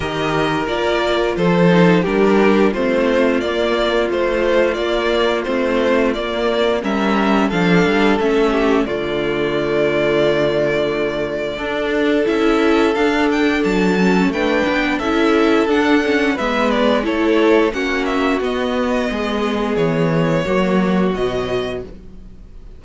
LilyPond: <<
  \new Staff \with { instrumentName = "violin" } { \time 4/4 \tempo 4 = 88 dis''4 d''4 c''4 ais'4 | c''4 d''4 c''4 d''4 | c''4 d''4 e''4 f''4 | e''4 d''2.~ |
d''2 e''4 f''8 g''8 | a''4 g''4 e''4 fis''4 | e''8 d''8 cis''4 fis''8 e''8 dis''4~ | dis''4 cis''2 dis''4 | }
  \new Staff \with { instrumentName = "violin" } { \time 4/4 ais'2 a'4 g'4 | f'1~ | f'2 ais'4 a'4~ | a'8 g'8 f'2.~ |
f'4 a'2.~ | a'4 b'4 a'2 | b'4 a'4 fis'2 | gis'2 fis'2 | }
  \new Staff \with { instrumentName = "viola" } { \time 4/4 g'4 f'4. dis'8 d'4 | c'4 ais4 f4 ais4 | c'4 ais4 cis'4 d'4 | cis'4 a2.~ |
a4 d'4 e'4 d'4~ | d'8 cis'8 d'4 e'4 d'8 cis'8 | b4 e'4 cis'4 b4~ | b2 ais4 fis4 | }
  \new Staff \with { instrumentName = "cello" } { \time 4/4 dis4 ais4 f4 g4 | a4 ais4 a4 ais4 | a4 ais4 g4 f8 g8 | a4 d2.~ |
d4 d'4 cis'4 d'4 | fis4 a8 b8 cis'4 d'4 | gis4 a4 ais4 b4 | gis4 e4 fis4 b,4 | }
>>